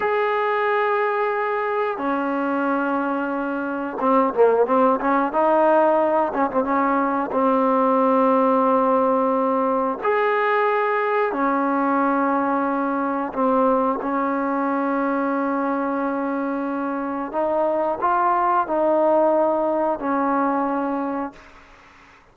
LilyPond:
\new Staff \with { instrumentName = "trombone" } { \time 4/4 \tempo 4 = 90 gis'2. cis'4~ | cis'2 c'8 ais8 c'8 cis'8 | dis'4. cis'16 c'16 cis'4 c'4~ | c'2. gis'4~ |
gis'4 cis'2. | c'4 cis'2.~ | cis'2 dis'4 f'4 | dis'2 cis'2 | }